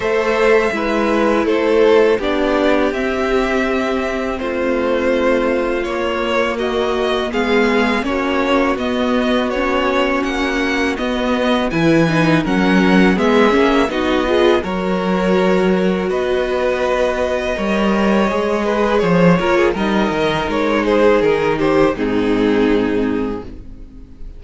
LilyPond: <<
  \new Staff \with { instrumentName = "violin" } { \time 4/4 \tempo 4 = 82 e''2 c''4 d''4 | e''2 c''2 | cis''4 dis''4 f''4 cis''4 | dis''4 cis''4 fis''4 dis''4 |
gis''4 fis''4 e''4 dis''4 | cis''2 dis''2~ | dis''2 cis''4 dis''4 | cis''8 c''8 ais'8 c''8 gis'2 | }
  \new Staff \with { instrumentName = "violin" } { \time 4/4 c''4 b'4 a'4 g'4~ | g'2 f'2~ | f'4 fis'4 gis'4 fis'4~ | fis'1 |
b'4 ais'4 gis'4 fis'8 gis'8 | ais'2 b'2 | cis''4. b'8 c''8 ais'16 gis'16 ais'4~ | ais'8 gis'4 g'8 dis'2 | }
  \new Staff \with { instrumentName = "viola" } { \time 4/4 a'4 e'2 d'4 | c'1 | ais2 b4 cis'4 | b4 cis'2 b4 |
e'8 dis'8 cis'4 b8 cis'8 dis'8 f'8 | fis'1 | ais'4 gis'4. f'8 dis'4~ | dis'2 c'2 | }
  \new Staff \with { instrumentName = "cello" } { \time 4/4 a4 gis4 a4 b4 | c'2 a2 | ais2 gis4 ais4 | b2 ais4 b4 |
e4 fis4 gis8 ais8 b4 | fis2 b2 | g4 gis4 f8 ais8 g8 dis8 | gis4 dis4 gis,2 | }
>>